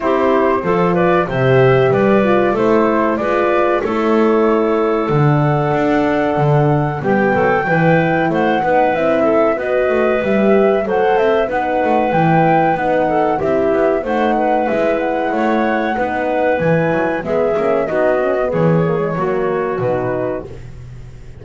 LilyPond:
<<
  \new Staff \with { instrumentName = "flute" } { \time 4/4 \tempo 4 = 94 c''4. d''8 e''4 d''4 | c''4 d''4 cis''2 | fis''2. g''4~ | g''4 fis''4 e''4 dis''4 |
e''4 fis''8 e''8 fis''4 g''4 | fis''4 e''4 fis''4 e''8 fis''8~ | fis''2 gis''4 e''4 | dis''4 cis''2 b'4 | }
  \new Staff \with { instrumentName = "clarinet" } { \time 4/4 g'4 a'8 b'8 c''4 b'4 | a'4 b'4 a'2~ | a'2. g'8 a'8 | b'4 c''8 b'4 a'8 b'4~ |
b'4 c''4 b'2~ | b'8 a'8 g'4 c''8 b'4. | cis''4 b'2 gis'4 | fis'4 gis'4 fis'2 | }
  \new Staff \with { instrumentName = "horn" } { \time 4/4 e'4 f'4 g'4. f'8 | e'4 f'4 e'2 | d'2. b4 | e'4. dis'8 e'4 fis'4 |
g'4 a'4 dis'4 e'4 | dis'4 e'4 dis'4 e'4~ | e'4 dis'4 e'4 b8 cis'8 | dis'8 cis'16 b8. ais16 gis16 ais4 dis'4 | }
  \new Staff \with { instrumentName = "double bass" } { \time 4/4 c'4 f4 c4 g4 | a4 gis4 a2 | d4 d'4 d4 g8 fis8 | e4 a8 b8 c'4 b8 a8 |
g4 fis8 c'8 b8 a8 e4 | b4 c'8 b8 a4 gis4 | a4 b4 e8 fis8 gis8 ais8 | b4 e4 fis4 b,4 | }
>>